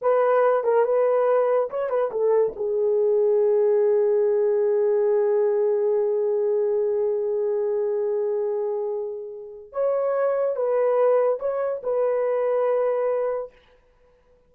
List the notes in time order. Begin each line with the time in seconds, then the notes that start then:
0.01 B4
0.63 A#4
0.85 B4
1.69 C#5
1.89 B4
2.11 A4
2.56 G#4
9.72 C#5
10.56 B4
11.39 C#5
11.83 B4